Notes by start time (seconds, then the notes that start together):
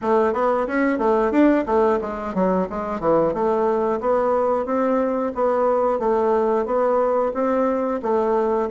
0.01 A3
0.33 B3
0.67 C#4
0.98 A3
1.31 D4
1.65 A3
2.01 G#3
2.34 F#3
2.69 G#3
3.00 E3
3.33 A3
4.00 B3
4.65 C4
5.35 B3
5.99 A3
6.65 B3
7.34 C4
8.02 A3